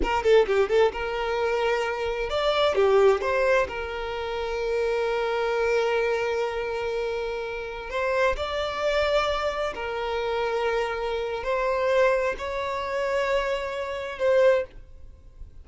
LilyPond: \new Staff \with { instrumentName = "violin" } { \time 4/4 \tempo 4 = 131 ais'8 a'8 g'8 a'8 ais'2~ | ais'4 d''4 g'4 c''4 | ais'1~ | ais'1~ |
ais'4~ ais'16 c''4 d''4.~ d''16~ | d''4~ d''16 ais'2~ ais'8.~ | ais'4 c''2 cis''4~ | cis''2. c''4 | }